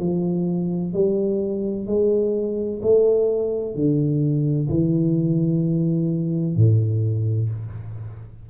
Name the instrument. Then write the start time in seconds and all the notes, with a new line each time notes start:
tuba
0.00 F3
0.94 G3
1.87 G#3
2.83 A3
3.75 D3
4.69 E3
6.56 A2